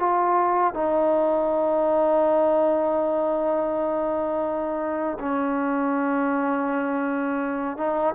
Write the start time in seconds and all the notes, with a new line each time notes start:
0.00 F4
0.74 D#4
5.20 C#4
7.78 D#4